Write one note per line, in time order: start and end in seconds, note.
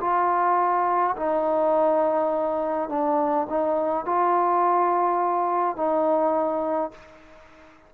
0.00 1.15 F4
1.16 2.89 D#4
2.89 3.47 D4
3.49 4.05 D#4
4.05 5.76 F4
5.76 6.91 D#4